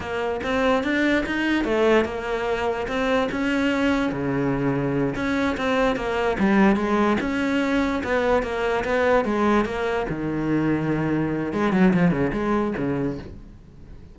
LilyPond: \new Staff \with { instrumentName = "cello" } { \time 4/4 \tempo 4 = 146 ais4 c'4 d'4 dis'4 | a4 ais2 c'4 | cis'2 cis2~ | cis8 cis'4 c'4 ais4 g8~ |
g8 gis4 cis'2 b8~ | b8 ais4 b4 gis4 ais8~ | ais8 dis2.~ dis8 | gis8 fis8 f8 cis8 gis4 cis4 | }